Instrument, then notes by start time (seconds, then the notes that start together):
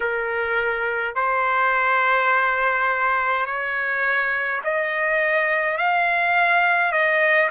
trumpet
0.00 A#4
1.15 C5
3.46 C#5
4.64 D#5
5.77 F5
6.92 D#5